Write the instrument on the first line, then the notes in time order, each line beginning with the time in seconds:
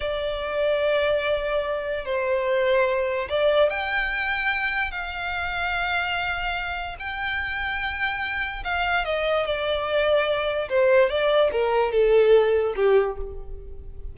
violin
0.00 D5
2.05 C5
3.29 D5
3.69 G5
4.91 F5
6.99 G5
8.64 F5
9.04 D#5
9.45 D5
10.69 C5
11.09 D5
11.52 A#4
11.92 A4
12.76 G4